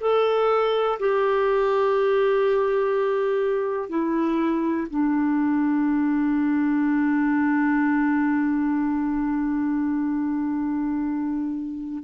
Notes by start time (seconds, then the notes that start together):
0.00 A4
0.99 G4
3.89 E4
4.90 D4